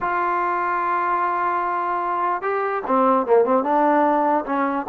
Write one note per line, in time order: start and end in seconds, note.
0.00 2.42 F4
2.42 2.82 G4
2.87 3.26 C4
3.26 3.44 A#3
3.44 3.63 C4
3.63 4.44 D4
4.45 4.86 C#4